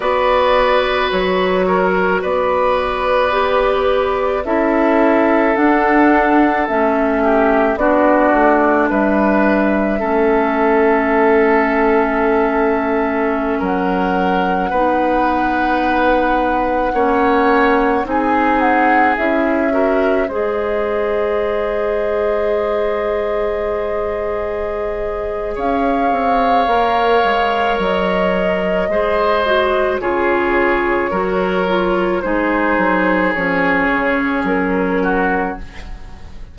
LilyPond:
<<
  \new Staff \with { instrumentName = "flute" } { \time 4/4 \tempo 4 = 54 d''4 cis''4 d''2 | e''4 fis''4 e''4 d''4 | e''1~ | e''16 fis''2.~ fis''8.~ |
fis''16 gis''8 fis''8 e''4 dis''4.~ dis''16~ | dis''2. f''4~ | f''4 dis''2 cis''4~ | cis''4 c''4 cis''4 ais'4 | }
  \new Staff \with { instrumentName = "oboe" } { \time 4/4 b'4. ais'8 b'2 | a'2~ a'8 g'8 fis'4 | b'4 a'2.~ | a'16 ais'4 b'2 cis''8.~ |
cis''16 gis'4. ais'8 c''4.~ c''16~ | c''2. cis''4~ | cis''2 c''4 gis'4 | ais'4 gis'2~ gis'8 fis'8 | }
  \new Staff \with { instrumentName = "clarinet" } { \time 4/4 fis'2. g'4 | e'4 d'4 cis'4 d'4~ | d'4 cis'2.~ | cis'4~ cis'16 dis'2 cis'8.~ |
cis'16 dis'4 e'8 fis'8 gis'4.~ gis'16~ | gis'1 | ais'2 gis'8 fis'8 f'4 | fis'8 f'8 dis'4 cis'2 | }
  \new Staff \with { instrumentName = "bassoon" } { \time 4/4 b4 fis4 b2 | cis'4 d'4 a4 b8 a8 | g4 a2.~ | a16 fis4 b2 ais8.~ |
ais16 c'4 cis'4 gis4.~ gis16~ | gis2. cis'8 c'8 | ais8 gis8 fis4 gis4 cis4 | fis4 gis8 fis8 f8 cis8 fis4 | }
>>